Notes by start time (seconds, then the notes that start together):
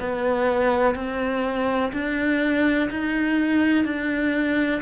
0.00 B3
0.95 C4
1.93 D4
2.90 D#4
3.85 D4